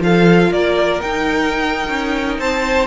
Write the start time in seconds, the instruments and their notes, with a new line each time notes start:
0.00 cello F3, viola F4, violin A4 F5
0.51 cello A#3, violin A#4 D5
1.01 cello D#4, viola D#4, violin G5
1.89 cello C#4
2.39 cello C4, violin C5 A5